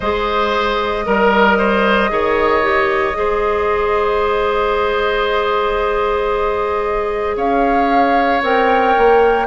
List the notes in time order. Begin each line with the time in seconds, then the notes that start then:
0.00 G#3 G#4 C5 D#5
1.05 G3 A#4
1.57 C5
2.09 D#3 G#4 C#5
2.62 G4
3.13 G#3 G#4 C5
7.36 C#4 C#5 F5
8.42 C4 A#4 G5
8.97 A#3